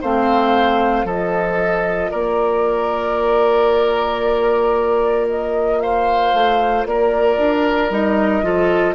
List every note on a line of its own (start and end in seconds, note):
0.00 1.04 A3
0.00 1.06 C4
0.00 1.05 C5
0.00 1.07 F5
1.04 2.09 F3
1.04 7.90 F4
1.04 2.10 A4
1.04 2.11 D#5
2.10 6.33 A#3
2.10 5.79 A#4
2.10 5.27 D5
5.29 5.80 D#5
5.80 6.87 C5
5.80 6.85 F5
6.33 6.85 A3
6.85 7.37 A#3
6.85 8.45 A#4
6.85 7.89 D5
7.37 7.89 D4
7.89 8.42 G3
7.89 8.42 D#4
7.89 8.94 D#5
8.42 8.94 F3
8.42 8.94 F4
8.42 8.94 A4